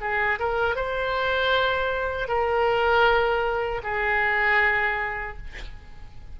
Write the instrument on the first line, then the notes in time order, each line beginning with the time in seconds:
oboe
0.00 G#4
0.39 A#4
0.76 C5
2.28 A#4
3.83 G#4